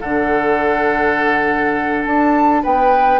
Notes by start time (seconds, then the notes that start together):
0.00 D3 D4 A4 F#5
2.05 D4 A5
2.63 B3 B4 G5